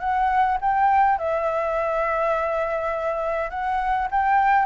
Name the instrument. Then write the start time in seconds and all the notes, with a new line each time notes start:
flute
0.00 F#5
0.61 G5
1.19 E5
3.50 F#5
4.11 G5